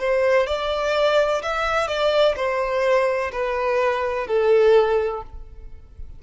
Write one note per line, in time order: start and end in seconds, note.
0.00 0.47 C5
0.47 1.42 D5
1.43 1.88 E5
1.88 2.35 D5
2.37 3.32 C5
3.32 4.28 B4
4.28 5.23 A4